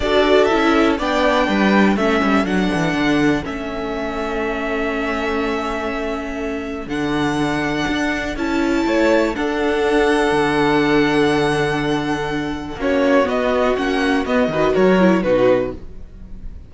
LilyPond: <<
  \new Staff \with { instrumentName = "violin" } { \time 4/4 \tempo 4 = 122 d''4 e''4 g''2 | e''4 fis''2 e''4~ | e''1~ | e''2 fis''2~ |
fis''4 a''2 fis''4~ | fis''1~ | fis''2 cis''4 dis''4 | fis''4 dis''4 cis''4 b'4 | }
  \new Staff \with { instrumentName = "violin" } { \time 4/4 a'2 d''4 b'4 | a'1~ | a'1~ | a'1~ |
a'2 cis''4 a'4~ | a'1~ | a'2 fis'2~ | fis'4. b'8 ais'4 fis'4 | }
  \new Staff \with { instrumentName = "viola" } { \time 4/4 fis'4 e'4 d'2 | cis'4 d'2 cis'4~ | cis'1~ | cis'2 d'2~ |
d'4 e'2 d'4~ | d'1~ | d'2 cis'4 b4 | cis'4 b8 fis'4 e'8 dis'4 | }
  \new Staff \with { instrumentName = "cello" } { \time 4/4 d'4 cis'4 b4 g4 | a8 g8 fis8 e8 d4 a4~ | a1~ | a2 d2 |
d'4 cis'4 a4 d'4~ | d'4 d2.~ | d2 ais4 b4 | ais4 b8 dis8 fis4 b,4 | }
>>